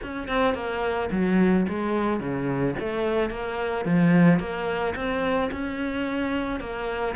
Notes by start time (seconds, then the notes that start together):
0.02 C#4
0.28 C4
0.54 A#3
1.11 F#3
1.68 G#3
2.20 C#3
2.79 A3
3.30 A#3
3.85 F3
4.39 A#3
4.95 C4
5.51 C#4
6.60 A#3